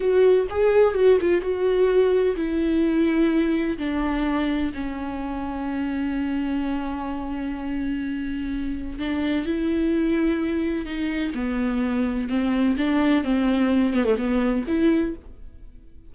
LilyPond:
\new Staff \with { instrumentName = "viola" } { \time 4/4 \tempo 4 = 127 fis'4 gis'4 fis'8 f'8 fis'4~ | fis'4 e'2. | d'2 cis'2~ | cis'1~ |
cis'2. d'4 | e'2. dis'4 | b2 c'4 d'4 | c'4. b16 a16 b4 e'4 | }